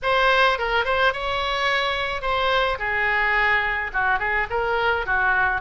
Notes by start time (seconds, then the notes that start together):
0.02 C5
0.58 A#4
0.85 C5
1.13 C#5
2.21 C5
2.79 G#4
3.93 F#4
4.19 G#4
4.50 A#4
5.06 F#4